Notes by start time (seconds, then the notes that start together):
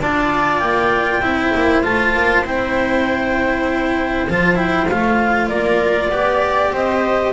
0.00 D4 F4 D5 A5
0.59 A#3 G5
1.21 C4 E4 C5
1.54 A#3
1.83 A3 F4 A5
2.14 A#3
2.44 C4 E4 G5
4.29 F3 F4 A5
4.56 E4 G5
4.89 A3 F4 F5
5.48 A#3 A#4 D5
6.10 B3 G4 D5
6.72 C4 C5 D#5